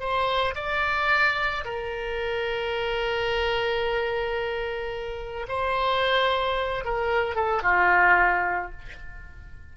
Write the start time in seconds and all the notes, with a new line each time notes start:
0.00 C5
0.55 D5
1.65 A#4
5.48 C5
6.85 A#4
7.35 A4
7.63 F4